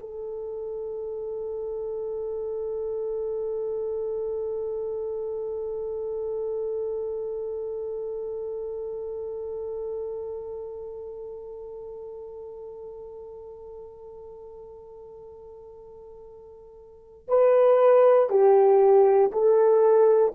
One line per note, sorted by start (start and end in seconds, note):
0.00 17.28 A4
17.28 18.30 B4
18.30 19.31 G4
19.32 20.34 A4